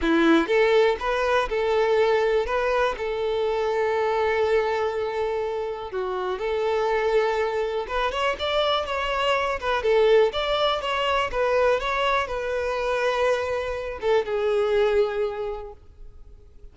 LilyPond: \new Staff \with { instrumentName = "violin" } { \time 4/4 \tempo 4 = 122 e'4 a'4 b'4 a'4~ | a'4 b'4 a'2~ | a'1 | fis'4 a'2. |
b'8 cis''8 d''4 cis''4. b'8 | a'4 d''4 cis''4 b'4 | cis''4 b'2.~ | b'8 a'8 gis'2. | }